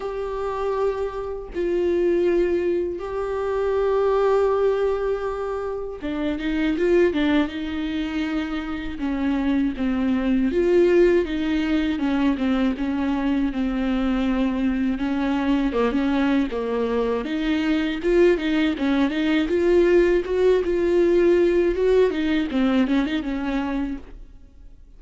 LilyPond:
\new Staff \with { instrumentName = "viola" } { \time 4/4 \tempo 4 = 80 g'2 f'2 | g'1 | d'8 dis'8 f'8 d'8 dis'2 | cis'4 c'4 f'4 dis'4 |
cis'8 c'8 cis'4 c'2 | cis'4 ais16 cis'8. ais4 dis'4 | f'8 dis'8 cis'8 dis'8 f'4 fis'8 f'8~ | f'4 fis'8 dis'8 c'8 cis'16 dis'16 cis'4 | }